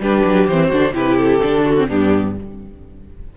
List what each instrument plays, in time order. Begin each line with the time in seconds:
0.00 cello G3, viola D4, violin G4 B4
0.25 cello F#3
0.47 cello E3, viola C4, violin C5
0.68 cello D3, viola D4, violin F#4
0.93 cello C3, viola E4, violin G4 B4
1.17 violin A4
1.42 cello D3, viola D4
1.65 violin F#4
1.78 viola C4
1.89 cello G2, viola B3, violin D4 G4